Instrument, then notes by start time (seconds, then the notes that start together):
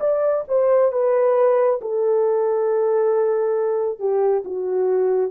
horn
0.00 D5
0.48 C5
0.92 B4
1.81 A4
3.99 G4
4.45 F#4